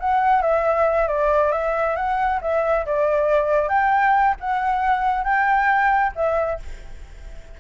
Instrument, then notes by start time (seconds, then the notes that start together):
flute
0.00 F#5
0.42 E5
1.08 D5
1.52 E5
1.96 F#5
2.41 E5
2.86 D5
3.69 G5
4.40 F#5
5.24 G5
6.15 E5